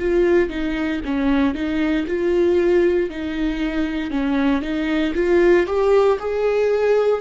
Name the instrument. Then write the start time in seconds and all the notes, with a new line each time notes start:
viola
0.00 F4
0.50 D#4
1.05 C#4
1.55 D#4
2.07 F4
3.10 D#4
4.11 C#4
4.62 D#4
5.15 F4
5.67 G4
6.20 G#4